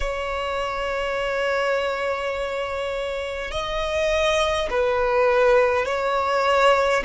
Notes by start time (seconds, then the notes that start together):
0.00 C#5
3.51 D#5
4.70 B4
5.85 C#5